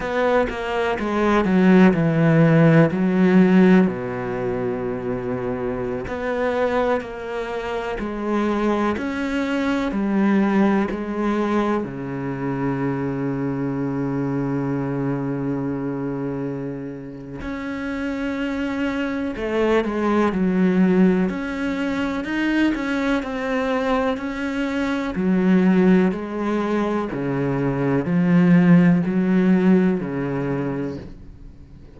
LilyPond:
\new Staff \with { instrumentName = "cello" } { \time 4/4 \tempo 4 = 62 b8 ais8 gis8 fis8 e4 fis4 | b,2~ b,16 b4 ais8.~ | ais16 gis4 cis'4 g4 gis8.~ | gis16 cis2.~ cis8.~ |
cis2 cis'2 | a8 gis8 fis4 cis'4 dis'8 cis'8 | c'4 cis'4 fis4 gis4 | cis4 f4 fis4 cis4 | }